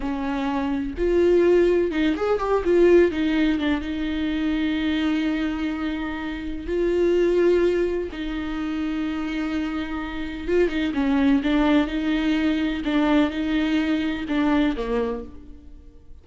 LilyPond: \new Staff \with { instrumentName = "viola" } { \time 4/4 \tempo 4 = 126 cis'2 f'2 | dis'8 gis'8 g'8 f'4 dis'4 d'8 | dis'1~ | dis'2 f'2~ |
f'4 dis'2.~ | dis'2 f'8 dis'8 cis'4 | d'4 dis'2 d'4 | dis'2 d'4 ais4 | }